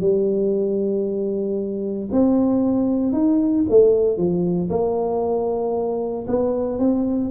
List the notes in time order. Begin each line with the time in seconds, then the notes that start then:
0.00 G3
2.12 C4
3.13 D#4
3.69 A3
4.17 F3
4.70 A#3
6.27 B3
6.79 C4